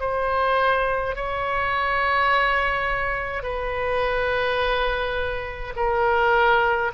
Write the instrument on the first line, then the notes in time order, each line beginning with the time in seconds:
oboe
0.00 C5
1.15 C#5
3.43 B4
5.76 A#4